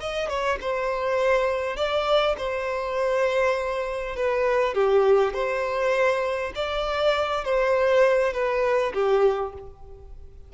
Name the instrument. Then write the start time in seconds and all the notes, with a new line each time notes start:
violin
0.00 D#5
0.29 C#5
0.61 C5
1.77 D5
2.38 C5
4.16 B4
4.74 G4
5.34 C5
6.55 D5
7.44 C5
8.34 B4
8.94 G4